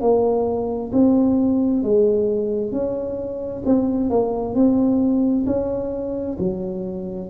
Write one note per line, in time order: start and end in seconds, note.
0.00 0.91 A#3
0.92 1.83 C4
1.83 2.71 G#3
2.71 3.62 C#4
3.65 4.10 C4
4.10 4.54 A#3
4.54 5.45 C4
5.46 6.37 C#4
6.38 7.29 F#3